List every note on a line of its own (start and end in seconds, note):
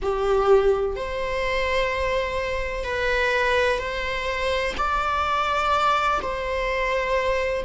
0.02 0.95 G4
0.95 2.84 C5
2.84 3.78 B4
3.78 4.74 C5
4.77 6.20 D5
6.22 7.65 C5